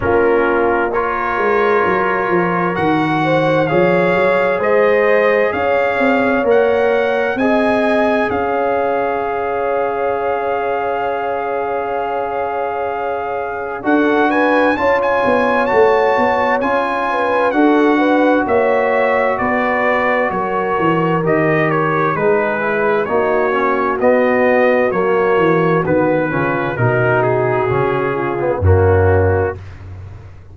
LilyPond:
<<
  \new Staff \with { instrumentName = "trumpet" } { \time 4/4 \tempo 4 = 65 ais'4 cis''2 fis''4 | f''4 dis''4 f''4 fis''4 | gis''4 f''2.~ | f''2. fis''8 gis''8 |
a''16 gis''8. a''4 gis''4 fis''4 | e''4 d''4 cis''4 dis''8 cis''8 | b'4 cis''4 dis''4 cis''4 | b'4 ais'8 gis'4. fis'4 | }
  \new Staff \with { instrumentName = "horn" } { \time 4/4 f'4 ais'2~ ais'8 c''8 | cis''4 c''4 cis''2 | dis''4 cis''2.~ | cis''2. a'8 b'8 |
cis''2~ cis''8 b'8 a'8 b'8 | cis''4 b'4 ais'2 | gis'4 fis'2.~ | fis'8 f'8 fis'4. f'8 cis'4 | }
  \new Staff \with { instrumentName = "trombone" } { \time 4/4 cis'4 f'2 fis'4 | gis'2. ais'4 | gis'1~ | gis'2. fis'4 |
f'4 fis'4 f'4 fis'4~ | fis'2. g'4 | dis'8 e'8 dis'8 cis'8 b4 ais4 | b8 cis'8 dis'4 cis'8. b16 ais4 | }
  \new Staff \with { instrumentName = "tuba" } { \time 4/4 ais4. gis8 fis8 f8 dis4 | f8 fis8 gis4 cis'8 c'8 ais4 | c'4 cis'2.~ | cis'2. d'4 |
cis'8 b8 a8 b8 cis'4 d'4 | ais4 b4 fis8 e8 dis4 | gis4 ais4 b4 fis8 e8 | dis8 cis8 b,4 cis4 fis,4 | }
>>